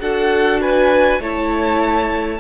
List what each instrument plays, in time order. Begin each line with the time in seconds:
0.00 cello D4, viola F#4, violin A4 F#5
0.61 violin B4 G#5
1.19 cello A3, viola E4, violin C#5 A5